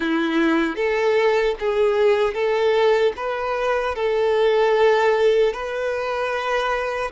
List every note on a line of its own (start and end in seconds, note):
0.00 0.76 E4
0.76 1.55 A4
1.59 2.34 G#4
2.34 3.13 A4
3.16 3.95 B4
3.95 5.53 A4
5.53 7.11 B4